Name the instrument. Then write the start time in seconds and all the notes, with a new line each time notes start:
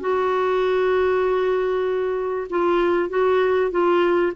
clarinet
0.00 F#4
2.50 F4
3.09 F#4
3.71 F4